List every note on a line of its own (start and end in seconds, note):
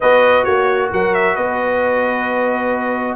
0.00 0.47 B3
0.00 3.15 F#4
0.00 0.44 B4
0.00 0.44 D#5
0.44 0.92 A#3
0.44 0.89 F#4
0.44 0.89 C#5
0.92 1.37 F#3
0.92 1.34 A#4
0.92 1.14 F#5
1.14 1.36 E5
1.34 3.15 B3
1.34 3.15 B4
1.34 3.15 D#5